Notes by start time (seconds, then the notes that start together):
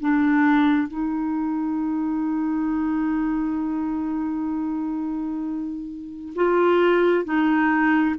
0.00 D4
0.88 D#4
6.35 F4
7.24 D#4